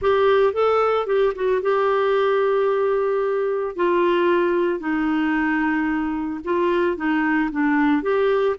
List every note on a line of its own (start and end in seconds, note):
0.01 0.53 G4
0.53 1.06 A4
1.06 1.33 G4
1.35 1.61 F#4
1.62 3.76 G4
3.76 4.79 F4
4.79 6.40 D#4
6.44 6.96 F4
6.96 7.50 D#4
7.51 8.02 D4
8.02 8.56 G4